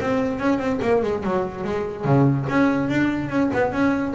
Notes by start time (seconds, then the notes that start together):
0.00 C4
0.39 C#4
0.58 C4
0.81 A#3
1.02 G#3
1.23 F#3
1.64 G#3
2.04 C#3
2.49 C#4
2.89 D4
3.29 C#4
3.53 B3
3.72 C#4